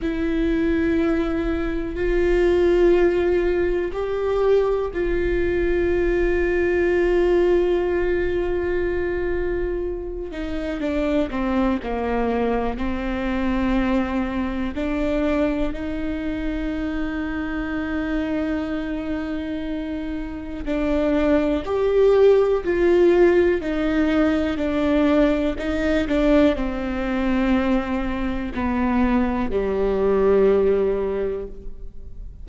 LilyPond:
\new Staff \with { instrumentName = "viola" } { \time 4/4 \tempo 4 = 61 e'2 f'2 | g'4 f'2.~ | f'2~ f'8 dis'8 d'8 c'8 | ais4 c'2 d'4 |
dis'1~ | dis'4 d'4 g'4 f'4 | dis'4 d'4 dis'8 d'8 c'4~ | c'4 b4 g2 | }